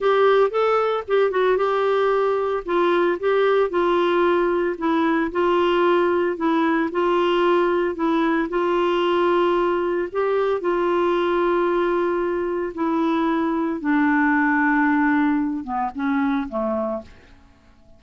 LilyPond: \new Staff \with { instrumentName = "clarinet" } { \time 4/4 \tempo 4 = 113 g'4 a'4 g'8 fis'8 g'4~ | g'4 f'4 g'4 f'4~ | f'4 e'4 f'2 | e'4 f'2 e'4 |
f'2. g'4 | f'1 | e'2 d'2~ | d'4. b8 cis'4 a4 | }